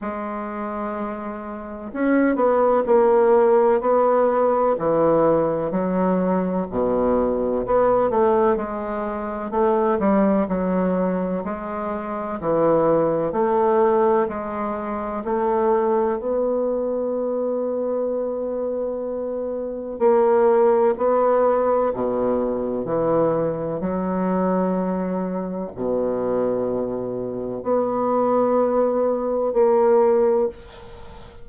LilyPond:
\new Staff \with { instrumentName = "bassoon" } { \time 4/4 \tempo 4 = 63 gis2 cis'8 b8 ais4 | b4 e4 fis4 b,4 | b8 a8 gis4 a8 g8 fis4 | gis4 e4 a4 gis4 |
a4 b2.~ | b4 ais4 b4 b,4 | e4 fis2 b,4~ | b,4 b2 ais4 | }